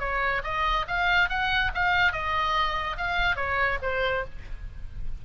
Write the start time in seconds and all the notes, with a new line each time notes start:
0.00 C#5
0.44 D#5
0.88 F5
1.29 F#5
1.75 F5
2.13 D#5
2.98 F5
3.36 C#5
3.82 C5